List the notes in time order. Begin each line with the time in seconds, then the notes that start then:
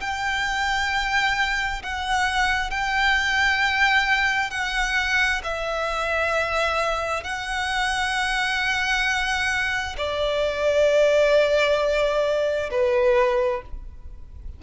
0.00 G5
1.82 F#5
2.70 G5
4.50 F#5
5.43 E5
7.23 F#5
9.97 D5
12.71 B4